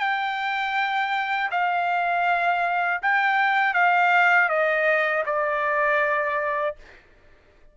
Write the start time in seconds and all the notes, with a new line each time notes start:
0.00 G5
1.51 F5
3.02 G5
3.74 F5
4.49 D#5
5.26 D5